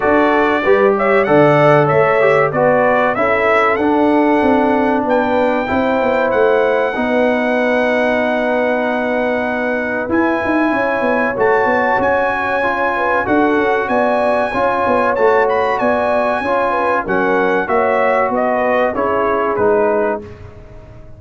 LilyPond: <<
  \new Staff \with { instrumentName = "trumpet" } { \time 4/4 \tempo 4 = 95 d''4. e''8 fis''4 e''4 | d''4 e''4 fis''2 | g''2 fis''2~ | fis''1 |
gis''2 a''4 gis''4~ | gis''4 fis''4 gis''2 | a''8 b''8 gis''2 fis''4 | e''4 dis''4 cis''4 b'4 | }
  \new Staff \with { instrumentName = "horn" } { \time 4/4 a'4 b'8 cis''8 d''4 cis''4 | b'4 a'2. | b'4 c''2 b'4~ | b'1~ |
b'4 cis''2.~ | cis''8 b'8 a'4 d''4 cis''4~ | cis''4 d''4 cis''8 b'8 ais'4 | cis''4 b'4 gis'2 | }
  \new Staff \with { instrumentName = "trombone" } { \time 4/4 fis'4 g'4 a'4. g'8 | fis'4 e'4 d'2~ | d'4 e'2 dis'4~ | dis'1 |
e'2 fis'2 | f'4 fis'2 f'4 | fis'2 f'4 cis'4 | fis'2 e'4 dis'4 | }
  \new Staff \with { instrumentName = "tuba" } { \time 4/4 d'4 g4 d4 a4 | b4 cis'4 d'4 c'4 | b4 c'8 b8 a4 b4~ | b1 |
e'8 dis'8 cis'8 b8 a8 b8 cis'4~ | cis'4 d'8 cis'8 b4 cis'8 b8 | a4 b4 cis'4 fis4 | ais4 b4 cis'4 gis4 | }
>>